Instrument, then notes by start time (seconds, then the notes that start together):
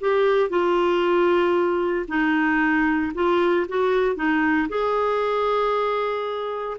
clarinet
0.00 G4
0.49 F4
2.08 D#4
3.14 F4
3.68 F#4
4.15 D#4
4.68 G#4